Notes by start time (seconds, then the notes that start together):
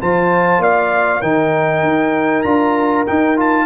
0.00 F3 F4 C5 A5
0.58 A#3 D5 F5
1.20 D#3 D#4 A#4 G5
1.83 D#4
2.42 D4 F4 A#5
3.06 D#4 G5
3.36 F4 A5